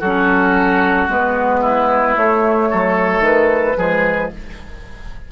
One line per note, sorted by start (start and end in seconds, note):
0.00 1.08 F#3
0.00 1.61 F#4
0.00 1.08 A4
0.06 1.10 C#4
1.08 2.16 G#3
1.08 2.17 B3
1.08 2.17 B4
1.61 2.69 E4
2.17 3.77 A3
2.17 2.71 A3
2.17 3.24 C#5
2.71 3.20 F#3
2.71 3.78 A4
3.20 3.74 D#3
3.20 4.32 B4
3.77 4.31 F3
3.77 4.32 G#3
3.77 4.32 G#4